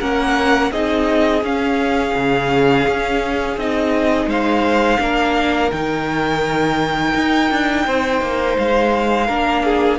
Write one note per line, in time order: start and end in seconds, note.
0.00 0.72 A#3
0.00 0.72 C#4
0.00 0.71 A#4
0.00 0.72 F#5
0.72 1.43 C4
0.72 1.44 D#4
0.72 4.29 G#4
0.72 1.44 D#5
1.43 2.15 C#4
1.43 3.59 C#4
1.43 3.59 F5
2.15 2.87 C#3
2.88 3.57 C#4
3.57 4.27 C4
3.57 5.00 D#4
3.57 4.30 D#5
4.27 4.98 G#3
4.27 5.00 C5
4.27 5.71 F5
5.00 5.72 A#3
5.00 5.71 D4
5.00 7.86 A#4
5.71 7.15 D#3
5.71 9.29 D#4
5.71 8.57 G5
7.15 7.51 D#4
7.51 7.87 D4
7.86 8.22 C4
7.86 9.27 C5
8.22 8.57 A#3
8.58 9.29 G#3
8.58 9.99 F5
9.27 9.99 A#3
9.27 9.99 D4
9.27 9.63 A#4
9.64 9.99 G#4